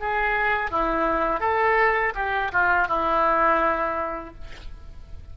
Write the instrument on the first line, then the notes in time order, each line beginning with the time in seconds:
oboe
0.00 G#4
0.71 E4
1.40 A4
2.15 G4
2.52 F4
2.88 E4